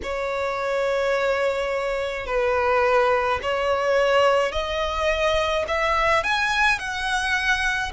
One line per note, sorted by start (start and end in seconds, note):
0.03 2.26 C#5
2.26 3.40 B4
3.42 4.52 C#5
4.52 5.65 D#5
5.67 6.23 E5
6.23 6.78 G#5
6.78 7.91 F#5